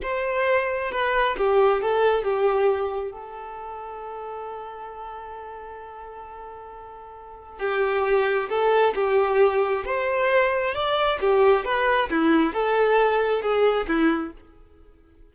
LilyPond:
\new Staff \with { instrumentName = "violin" } { \time 4/4 \tempo 4 = 134 c''2 b'4 g'4 | a'4 g'2 a'4~ | a'1~ | a'1~ |
a'4 g'2 a'4 | g'2 c''2 | d''4 g'4 b'4 e'4 | a'2 gis'4 e'4 | }